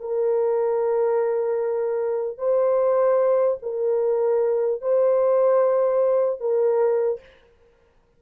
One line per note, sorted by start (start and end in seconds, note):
0.00 2.38 A#4
2.38 3.58 C5
3.62 4.81 A#4
4.81 6.40 C5
6.40 7.20 A#4